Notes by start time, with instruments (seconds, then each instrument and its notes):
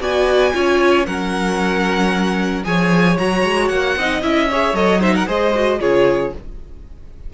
0.00 cello B3, viola F#4, violin D5 G#5
0.53 cello C#4, viola F4, violin C#5
1.06 cello F#3, viola C#4, violin A#4 F#5
2.64 cello F3, viola G#4, violin C#5 G#5
3.18 cello F#3, viola F#4, violin A#5
3.43 cello G#3
3.69 cello A#3, violin F#5
3.96 cello C4, viola D#4, violin D#5
4.22 cello C#4, viola E4, violin E5
4.51 viola G#4, violin C#5
4.73 cello F#3, viola A4, violin D#5
5.01 viola D#4, violin C5 E5
5.16 violin A#4 F#5
5.26 cello G#3, viola G#4, violin C5 D#5
5.55 viola F#4
5.80 cello C#3, viola F4, violin G#4 C#5